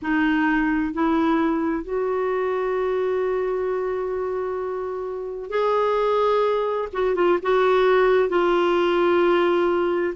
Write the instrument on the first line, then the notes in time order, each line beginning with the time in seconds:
clarinet
0.02 D#4
0.93 E4
1.84 F#4
5.50 G#4
6.92 F#4
7.15 F4
7.42 F#4
8.29 F4